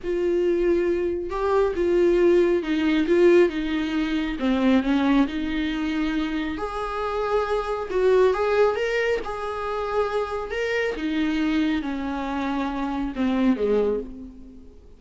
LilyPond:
\new Staff \with { instrumentName = "viola" } { \time 4/4 \tempo 4 = 137 f'2. g'4 | f'2 dis'4 f'4 | dis'2 c'4 cis'4 | dis'2. gis'4~ |
gis'2 fis'4 gis'4 | ais'4 gis'2. | ais'4 dis'2 cis'4~ | cis'2 c'4 gis4 | }